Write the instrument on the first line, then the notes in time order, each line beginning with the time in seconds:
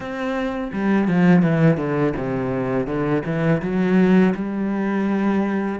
cello
0.00 C4
0.72 G3
1.07 F3
1.42 E3
1.77 D3
2.17 C3
2.86 D3
3.25 E3
3.61 F#3
4.34 G3